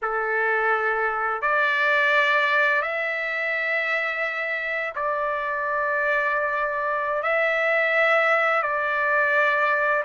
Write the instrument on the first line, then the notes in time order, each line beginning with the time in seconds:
trumpet
0.02 A4
1.41 D5
2.82 E5
4.95 D5
7.23 E5
8.62 D5